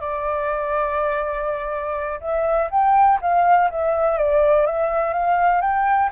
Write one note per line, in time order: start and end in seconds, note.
0.00 2.20 D5
2.20 2.69 E5
2.70 3.19 G5
3.21 3.69 F5
3.70 4.17 E5
4.17 4.65 D5
4.65 5.13 E5
5.13 5.61 F5
5.61 6.10 G5